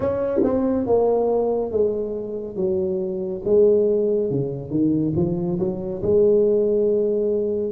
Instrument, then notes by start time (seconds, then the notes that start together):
tuba
0.00 C#4
0.43 C4
0.86 A#3
1.71 G#3
2.56 F#3
3.44 G#3
4.30 C#3
4.70 D#3
5.16 F3
5.59 F#3
6.02 G#3